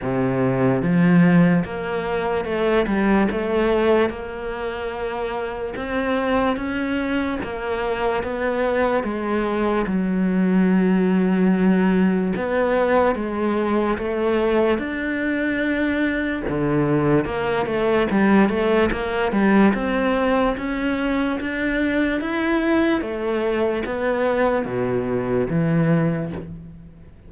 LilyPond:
\new Staff \with { instrumentName = "cello" } { \time 4/4 \tempo 4 = 73 c4 f4 ais4 a8 g8 | a4 ais2 c'4 | cis'4 ais4 b4 gis4 | fis2. b4 |
gis4 a4 d'2 | d4 ais8 a8 g8 a8 ais8 g8 | c'4 cis'4 d'4 e'4 | a4 b4 b,4 e4 | }